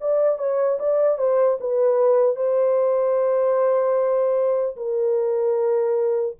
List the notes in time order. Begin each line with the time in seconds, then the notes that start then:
0.00 D5
0.38 C#5
0.79 D5
1.18 C5
1.60 B4
2.36 C5
4.76 A#4